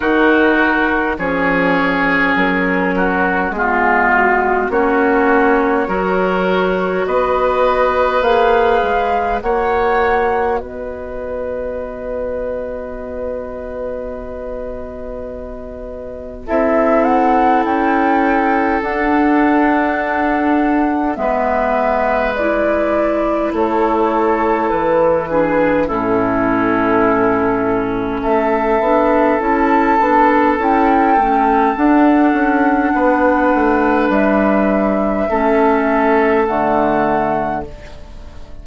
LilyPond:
<<
  \new Staff \with { instrumentName = "flute" } { \time 4/4 \tempo 4 = 51 ais'4 cis''4 ais'4 gis'8 fis'8 | cis''2 dis''4 f''4 | fis''4 dis''2.~ | dis''2 e''8 fis''8 g''4 |
fis''2 e''4 d''4 | cis''4 b'4 a'2 | e''4 a''4 g''4 fis''4~ | fis''4 e''2 fis''4 | }
  \new Staff \with { instrumentName = "oboe" } { \time 4/4 fis'4 gis'4. fis'8 f'4 | fis'4 ais'4 b'2 | cis''4 b'2.~ | b'2 a'2~ |
a'2 b'2 | a'4. gis'8 e'2 | a'1 | b'2 a'2 | }
  \new Staff \with { instrumentName = "clarinet" } { \time 4/4 dis'4 cis'2 b4 | cis'4 fis'2 gis'4 | fis'1~ | fis'2 e'2 |
d'2 b4 e'4~ | e'4. d'8 cis'2~ | cis'8 d'8 e'8 d'8 e'8 cis'8 d'4~ | d'2 cis'4 a4 | }
  \new Staff \with { instrumentName = "bassoon" } { \time 4/4 dis4 f4 fis4 gis4 | ais4 fis4 b4 ais8 gis8 | ais4 b2.~ | b2 c'4 cis'4 |
d'2 gis2 | a4 e4 a,2 | a8 b8 cis'8 b8 cis'8 a8 d'8 cis'8 | b8 a8 g4 a4 d4 | }
>>